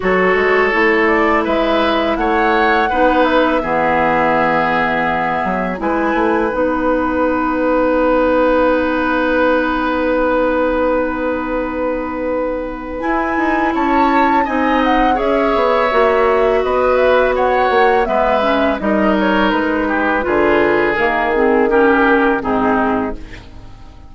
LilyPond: <<
  \new Staff \with { instrumentName = "flute" } { \time 4/4 \tempo 4 = 83 cis''4. d''8 e''4 fis''4~ | fis''8 e''2.~ e''8 | gis''4 fis''2.~ | fis''1~ |
fis''2 gis''4 a''4 | gis''8 fis''8 e''2 dis''8 e''8 | fis''4 e''4 dis''8 cis''8 b'4~ | b'4 ais'8 gis'8 ais'4 gis'4 | }
  \new Staff \with { instrumentName = "oboe" } { \time 4/4 a'2 b'4 cis''4 | b'4 gis'2. | b'1~ | b'1~ |
b'2. cis''4 | dis''4 cis''2 b'4 | cis''4 b'4 ais'4. g'8 | gis'2 g'4 dis'4 | }
  \new Staff \with { instrumentName = "clarinet" } { \time 4/4 fis'4 e'2. | dis'4 b2. | e'4 dis'2.~ | dis'1~ |
dis'2 e'2 | dis'4 gis'4 fis'2~ | fis'4 b8 cis'8 dis'2 | f'4 ais8 c'8 cis'4 c'4 | }
  \new Staff \with { instrumentName = "bassoon" } { \time 4/4 fis8 gis8 a4 gis4 a4 | b4 e2~ e8 fis8 | gis8 a8 b2.~ | b1~ |
b2 e'8 dis'8 cis'4 | c'4 cis'8 b8 ais4 b4~ | b8 ais8 gis4 g4 gis4 | d4 dis2 gis,4 | }
>>